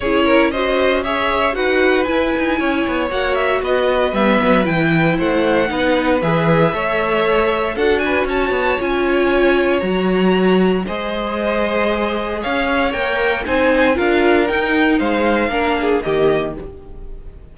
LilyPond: <<
  \new Staff \with { instrumentName = "violin" } { \time 4/4 \tempo 4 = 116 cis''4 dis''4 e''4 fis''4 | gis''2 fis''8 e''8 dis''4 | e''4 g''4 fis''2 | e''2. fis''8 gis''8 |
a''4 gis''2 ais''4~ | ais''4 dis''2. | f''4 g''4 gis''4 f''4 | g''4 f''2 dis''4 | }
  \new Staff \with { instrumentName = "violin" } { \time 4/4 gis'8 ais'8 c''4 cis''4 b'4~ | b'4 cis''2 b'4~ | b'2 c''4 b'4~ | b'4 cis''2 a'8 b'8 |
cis''1~ | cis''4 c''2. | cis''2 c''4 ais'4~ | ais'4 c''4 ais'8 gis'8 g'4 | }
  \new Staff \with { instrumentName = "viola" } { \time 4/4 e'4 fis'4 gis'4 fis'4 | e'2 fis'2 | b4 e'2 dis'4 | gis'4 a'2 fis'4~ |
fis'4 f'2 fis'4~ | fis'4 gis'2.~ | gis'4 ais'4 dis'4 f'4 | dis'2 d'4 ais4 | }
  \new Staff \with { instrumentName = "cello" } { \time 4/4 cis'2. dis'4 | e'8 dis'8 cis'8 b8 ais4 b4 | g8 fis8 e4 a4 b4 | e4 a2 d'4 |
cis'8 b8 cis'2 fis4~ | fis4 gis2. | cis'4 ais4 c'4 d'4 | dis'4 gis4 ais4 dis4 | }
>>